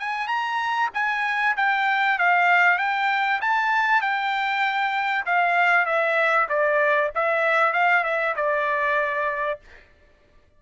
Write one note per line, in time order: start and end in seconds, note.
0.00 0.28 G#5
0.28 0.90 A#5
0.94 1.56 G#5
1.57 2.19 G5
2.19 2.79 F5
2.79 3.41 G5
3.42 4.02 A5
4.02 5.26 G5
5.26 5.86 F5
5.86 6.48 E5
6.49 7.11 D5
7.15 7.73 E5
7.73 8.04 F5
8.04 8.35 E5
8.36 9.60 D5